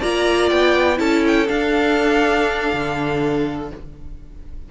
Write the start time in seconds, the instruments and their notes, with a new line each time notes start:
0.00 cello A#3, viola F4, violin D5 A#5
0.49 cello B3, violin G5
0.96 cello C#4, viola E4, violin A4 A5
1.27 violin G5
1.48 viola D4, cello D4, violin F5
2.73 cello D3